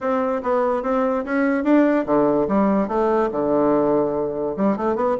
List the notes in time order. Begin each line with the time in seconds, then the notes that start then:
0.00 C4
0.43 B3
0.83 C4
1.24 C#4
1.63 D4
2.06 D3
2.48 G3
2.88 A3
3.31 D3
4.56 G3
4.77 A3
4.95 B3